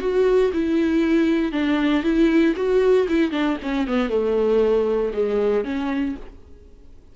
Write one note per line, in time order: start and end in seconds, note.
0.00 0.51 F#4
0.54 1.52 E4
1.52 2.03 D4
2.03 2.55 E4
2.56 3.07 F#4
3.09 3.31 E4
3.31 3.57 D4
3.62 3.87 C#4
3.87 4.10 B3
4.10 5.12 A3
5.13 5.65 G#3
5.65 6.16 C#4